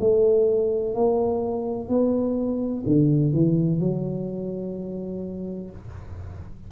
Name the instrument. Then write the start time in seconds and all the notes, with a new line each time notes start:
tuba
0.00 A3
0.95 A#3
1.89 B3
2.87 D3
3.33 E3
3.81 F#3